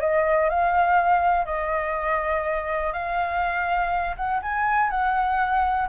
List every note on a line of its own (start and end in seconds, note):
0.00 0.49 D#5
0.49 1.45 F5
1.45 2.93 D#5
2.93 4.16 F5
4.16 4.41 F#5
4.42 4.90 G#5
4.90 5.89 F#5